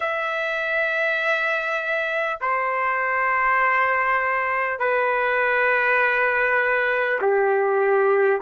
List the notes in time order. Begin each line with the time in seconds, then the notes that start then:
0.00 E5
2.40 C5
4.79 B4
7.21 G4